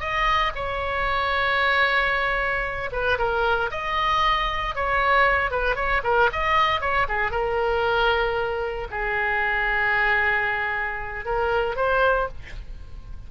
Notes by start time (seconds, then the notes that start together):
0.00 D#5
0.55 C#5
2.92 B4
3.18 A#4
3.71 D#5
4.75 C#5
5.51 B4
5.76 C#5
6.04 A#4
6.33 D#5
6.81 C#5
7.08 G#4
7.31 A#4
8.91 G#4
11.26 A#4
11.76 C5